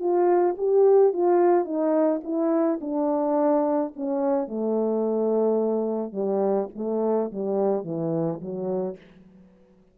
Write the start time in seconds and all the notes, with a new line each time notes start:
0.00 F4
0.58 G4
1.14 F4
1.65 D#4
2.24 E4
2.81 D4
3.96 C#4
4.48 A3
6.13 G3
6.75 A3
7.32 G3
7.84 E3
8.42 F#3